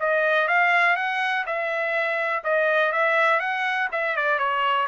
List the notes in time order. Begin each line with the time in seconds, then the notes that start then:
0.00 D#5
0.48 F5
0.96 F#5
1.46 E5
2.44 D#5
2.92 E5
3.40 F#5
3.92 E5
4.17 D5
4.39 C#5